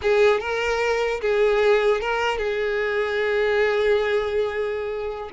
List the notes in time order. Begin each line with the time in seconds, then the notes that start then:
0.02 G#4
0.40 A#4
1.21 G#4
2.00 A#4
2.38 G#4